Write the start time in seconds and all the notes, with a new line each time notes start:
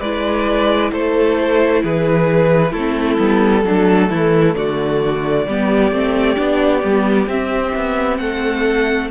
0.00 G#3 E4 B4 D5
0.91 A3 A4 C5
1.83 E3 G#4 B4
2.71 A3 C4 E4 A4
3.17 G3 B3
3.64 F#3 A3 D4
4.10 E3 E4
4.55 D3 F#4 D5
5.46 G3 B3 G4
5.91 A3 C4
6.35 B3 D4
6.82 G3 B3
7.26 C4 E5
7.75 B3
8.17 A3 A4 F#5